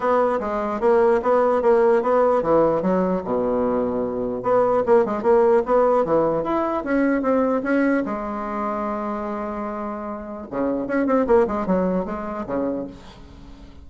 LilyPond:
\new Staff \with { instrumentName = "bassoon" } { \time 4/4 \tempo 4 = 149 b4 gis4 ais4 b4 | ais4 b4 e4 fis4 | b,2. b4 | ais8 gis8 ais4 b4 e4 |
e'4 cis'4 c'4 cis'4 | gis1~ | gis2 cis4 cis'8 c'8 | ais8 gis8 fis4 gis4 cis4 | }